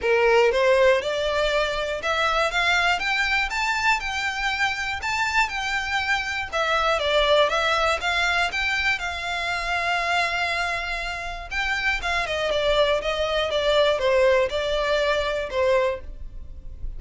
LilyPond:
\new Staff \with { instrumentName = "violin" } { \time 4/4 \tempo 4 = 120 ais'4 c''4 d''2 | e''4 f''4 g''4 a''4 | g''2 a''4 g''4~ | g''4 e''4 d''4 e''4 |
f''4 g''4 f''2~ | f''2. g''4 | f''8 dis''8 d''4 dis''4 d''4 | c''4 d''2 c''4 | }